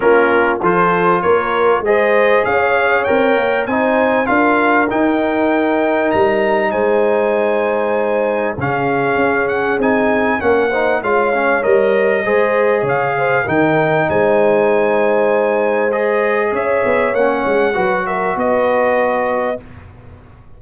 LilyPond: <<
  \new Staff \with { instrumentName = "trumpet" } { \time 4/4 \tempo 4 = 98 ais'4 c''4 cis''4 dis''4 | f''4 g''4 gis''4 f''4 | g''2 ais''4 gis''4~ | gis''2 f''4. fis''8 |
gis''4 fis''4 f''4 dis''4~ | dis''4 f''4 g''4 gis''4~ | gis''2 dis''4 e''4 | fis''4. e''8 dis''2 | }
  \new Staff \with { instrumentName = "horn" } { \time 4/4 f'4 a'4 ais'4 c''4 | cis''2 c''4 ais'4~ | ais'2. c''4~ | c''2 gis'2~ |
gis'4 ais'8 c''8 cis''2 | c''4 cis''8 c''8 ais'4 c''4~ | c''2. cis''4~ | cis''4 b'8 ais'8 b'2 | }
  \new Staff \with { instrumentName = "trombone" } { \time 4/4 cis'4 f'2 gis'4~ | gis'4 ais'4 dis'4 f'4 | dis'1~ | dis'2 cis'2 |
dis'4 cis'8 dis'8 f'8 cis'8 ais'4 | gis'2 dis'2~ | dis'2 gis'2 | cis'4 fis'2. | }
  \new Staff \with { instrumentName = "tuba" } { \time 4/4 ais4 f4 ais4 gis4 | cis'4 c'8 ais8 c'4 d'4 | dis'2 g4 gis4~ | gis2 cis4 cis'4 |
c'4 ais4 gis4 g4 | gis4 cis4 dis4 gis4~ | gis2. cis'8 b8 | ais8 gis8 fis4 b2 | }
>>